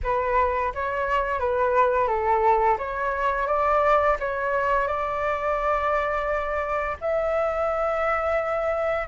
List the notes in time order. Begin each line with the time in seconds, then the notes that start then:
0.03 B4
0.74 C#5
1.39 B4
2.07 A4
2.78 C#5
3.47 D5
4.19 C#5
4.87 D5
7.00 E5